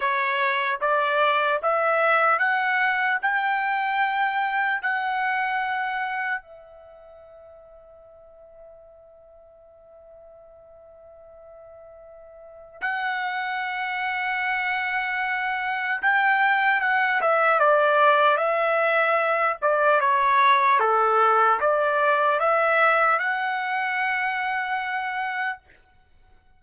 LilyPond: \new Staff \with { instrumentName = "trumpet" } { \time 4/4 \tempo 4 = 75 cis''4 d''4 e''4 fis''4 | g''2 fis''2 | e''1~ | e''1 |
fis''1 | g''4 fis''8 e''8 d''4 e''4~ | e''8 d''8 cis''4 a'4 d''4 | e''4 fis''2. | }